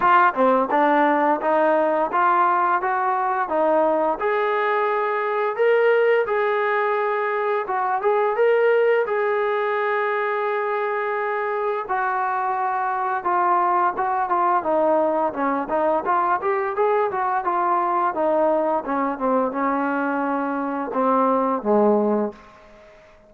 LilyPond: \new Staff \with { instrumentName = "trombone" } { \time 4/4 \tempo 4 = 86 f'8 c'8 d'4 dis'4 f'4 | fis'4 dis'4 gis'2 | ais'4 gis'2 fis'8 gis'8 | ais'4 gis'2.~ |
gis'4 fis'2 f'4 | fis'8 f'8 dis'4 cis'8 dis'8 f'8 g'8 | gis'8 fis'8 f'4 dis'4 cis'8 c'8 | cis'2 c'4 gis4 | }